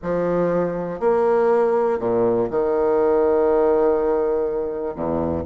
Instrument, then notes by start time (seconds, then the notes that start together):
bassoon
0.02 F3
1.00 A#3
1.99 A#2
2.50 D#3
4.95 E2